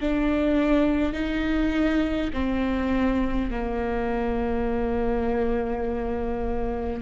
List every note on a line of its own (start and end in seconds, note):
0.00 1.13 D4
1.13 2.30 D#4
2.33 3.50 C4
3.50 7.01 A#3